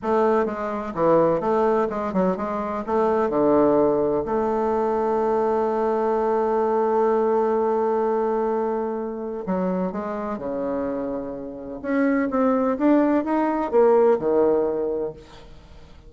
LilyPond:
\new Staff \with { instrumentName = "bassoon" } { \time 4/4 \tempo 4 = 127 a4 gis4 e4 a4 | gis8 fis8 gis4 a4 d4~ | d4 a2.~ | a1~ |
a1 | fis4 gis4 cis2~ | cis4 cis'4 c'4 d'4 | dis'4 ais4 dis2 | }